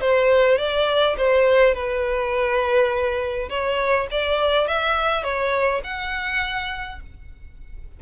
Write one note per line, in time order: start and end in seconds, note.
0.00 0.58 C5
0.58 1.16 D5
1.17 1.74 C5
1.74 3.49 B4
3.49 4.07 C#5
4.11 4.67 D5
4.67 5.23 E5
5.23 5.81 C#5
5.83 7.00 F#5